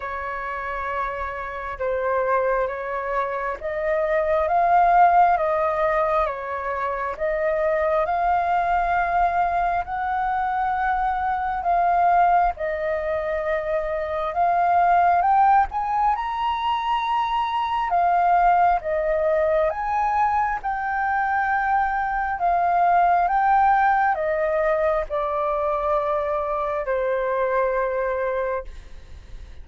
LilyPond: \new Staff \with { instrumentName = "flute" } { \time 4/4 \tempo 4 = 67 cis''2 c''4 cis''4 | dis''4 f''4 dis''4 cis''4 | dis''4 f''2 fis''4~ | fis''4 f''4 dis''2 |
f''4 g''8 gis''8 ais''2 | f''4 dis''4 gis''4 g''4~ | g''4 f''4 g''4 dis''4 | d''2 c''2 | }